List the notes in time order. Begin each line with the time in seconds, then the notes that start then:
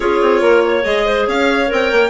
0.00 C#4 F4 G#4 C#5
0.21 C4
0.41 A#3 A#4
0.64 C#5
0.83 G#3 G#4 D#5
1.06 C5
1.26 C#4 C#5 F5
1.67 C4 A#4 G5
1.92 A#3